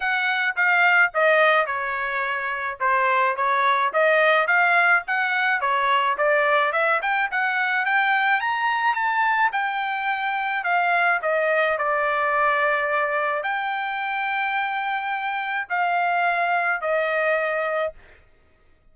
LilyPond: \new Staff \with { instrumentName = "trumpet" } { \time 4/4 \tempo 4 = 107 fis''4 f''4 dis''4 cis''4~ | cis''4 c''4 cis''4 dis''4 | f''4 fis''4 cis''4 d''4 | e''8 g''8 fis''4 g''4 ais''4 |
a''4 g''2 f''4 | dis''4 d''2. | g''1 | f''2 dis''2 | }